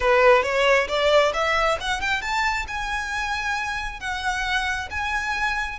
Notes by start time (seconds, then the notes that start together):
0.00 B4
0.43 C#5
0.88 D5
1.33 E5
1.80 F#5
2.00 G5
2.21 A5
2.67 G#5
3.99 F#5
4.90 G#5